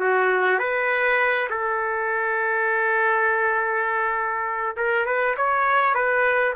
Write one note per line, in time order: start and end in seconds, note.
0.00 0.59 F#4
0.59 1.49 B4
1.50 4.77 A4
4.77 5.06 A#4
5.06 5.36 B4
5.37 5.95 C#5
5.95 6.55 B4